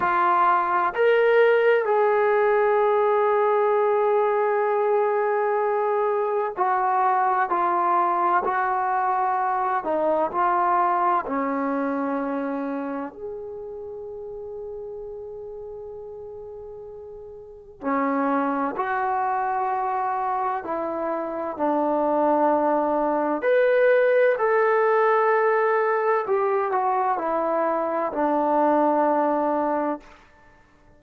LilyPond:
\new Staff \with { instrumentName = "trombone" } { \time 4/4 \tempo 4 = 64 f'4 ais'4 gis'2~ | gis'2. fis'4 | f'4 fis'4. dis'8 f'4 | cis'2 gis'2~ |
gis'2. cis'4 | fis'2 e'4 d'4~ | d'4 b'4 a'2 | g'8 fis'8 e'4 d'2 | }